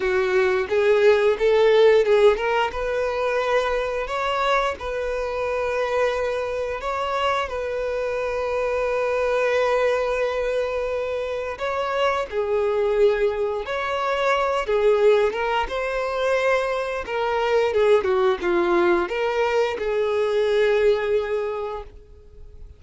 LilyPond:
\new Staff \with { instrumentName = "violin" } { \time 4/4 \tempo 4 = 88 fis'4 gis'4 a'4 gis'8 ais'8 | b'2 cis''4 b'4~ | b'2 cis''4 b'4~ | b'1~ |
b'4 cis''4 gis'2 | cis''4. gis'4 ais'8 c''4~ | c''4 ais'4 gis'8 fis'8 f'4 | ais'4 gis'2. | }